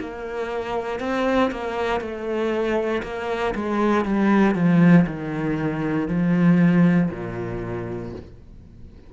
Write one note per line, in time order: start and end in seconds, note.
0.00 1.00 A#3
1.00 1.51 C4
1.51 2.01 A#3
2.01 3.02 A3
3.03 3.54 A#3
3.55 4.05 G#3
4.05 4.55 G3
4.55 5.06 F3
5.07 6.08 D#3
6.08 7.10 F3
7.11 8.13 A#2